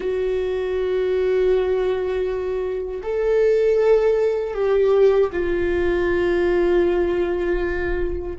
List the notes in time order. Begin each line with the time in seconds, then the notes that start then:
0.00 F#4
3.02 A4
4.54 G4
5.32 F4